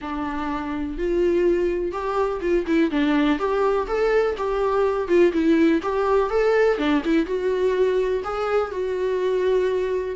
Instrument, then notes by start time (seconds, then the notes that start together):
viola
0.01 D4
0.98 F4
1.92 G4
2.41 F4
2.66 E4
2.91 D4
3.38 G4
3.87 A4
4.37 G4
5.07 F4
5.32 E4
5.82 G4
6.29 A4
6.77 D4
7.04 E4
7.26 F#4
8.24 G#4
8.71 F#4